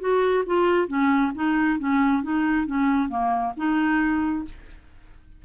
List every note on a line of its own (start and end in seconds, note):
0.00 0.44 F#4
0.46 0.88 F4
0.88 1.32 C#4
1.35 1.79 D#4
1.79 2.23 C#4
2.23 2.67 D#4
2.67 3.09 C#4
3.09 3.53 A#3
3.57 4.45 D#4